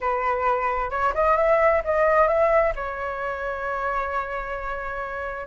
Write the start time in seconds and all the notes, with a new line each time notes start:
0.01 B4
0.90 C#5
1.14 D#5
1.36 E5
1.84 D#5
2.27 E5
2.75 C#5